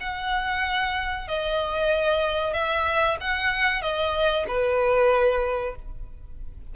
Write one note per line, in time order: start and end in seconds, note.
0.00 1.28 F#5
1.28 2.53 D#5
2.53 3.17 E5
3.21 3.82 F#5
3.82 4.45 D#5
4.48 5.75 B4